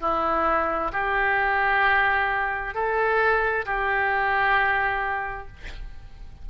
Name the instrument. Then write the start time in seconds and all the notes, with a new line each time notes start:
oboe
0.00 E4
0.92 G4
2.74 A4
3.65 G4